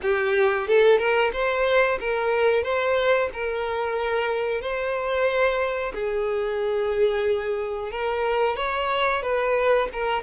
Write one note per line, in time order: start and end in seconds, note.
0.01 0.67 G4
0.67 0.98 A4
0.98 1.31 A#4
1.32 1.98 C5
2.00 2.63 A#4
2.63 3.29 C5
3.33 4.61 A#4
4.61 5.93 C5
5.93 7.91 G#4
7.91 8.56 A#4
8.56 9.22 C#5
9.22 9.88 B4
9.92 10.22 A#4